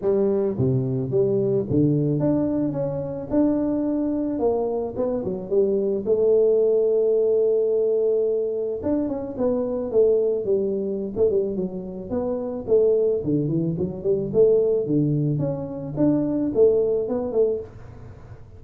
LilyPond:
\new Staff \with { instrumentName = "tuba" } { \time 4/4 \tempo 4 = 109 g4 c4 g4 d4 | d'4 cis'4 d'2 | ais4 b8 fis8 g4 a4~ | a1 |
d'8 cis'8 b4 a4 g4~ | g16 a16 g8 fis4 b4 a4 | d8 e8 fis8 g8 a4 d4 | cis'4 d'4 a4 b8 a8 | }